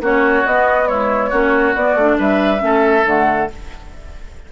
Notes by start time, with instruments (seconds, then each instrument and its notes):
0.00 bassoon A#3, clarinet C#4, oboe F#4, flute C#5
0.45 bassoon B3, clarinet B3, flute D#5
0.87 clarinet G#3, oboe E4, flute C#5
1.30 bassoon A#3, clarinet C#4, oboe F#4
1.75 bassoon B3, clarinet B3, flute D5
1.95 bassoon A3, clarinet D4
2.18 bassoon G3, oboe B4, flute E5
2.58 bassoon A3, clarinet C#4
2.65 oboe A4
3.04 bassoon D3, clarinet A3, flute F#5